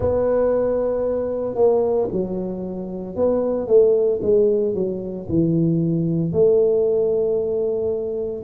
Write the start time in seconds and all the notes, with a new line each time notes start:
0.00 B3
1.55 A#3
2.11 F#3
3.15 B3
3.67 A3
4.22 G#3
4.74 F#3
5.28 E3
6.32 A3